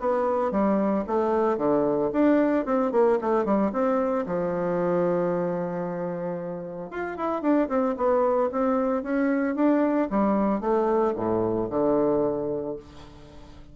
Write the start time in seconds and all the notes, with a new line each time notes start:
0.00 B3
0.52 G3
1.07 A3
1.58 D3
2.13 D4
2.65 C4
2.92 A#3
3.21 A3
3.45 G3
3.73 C4
4.26 F3
6.91 F4
7.17 E4
7.42 D4
7.69 C4
7.97 B3
8.52 C4
9.03 C#4
9.56 D4
10.11 G3
10.61 A3
11.16 A2
11.70 D3